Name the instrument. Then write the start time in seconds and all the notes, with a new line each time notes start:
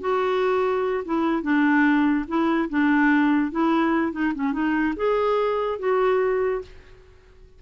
clarinet
0.00 F#4
1.05 E4
1.43 D4
2.28 E4
2.69 D4
3.51 E4
4.12 D#4
4.34 C#4
4.53 D#4
4.96 G#4
5.79 F#4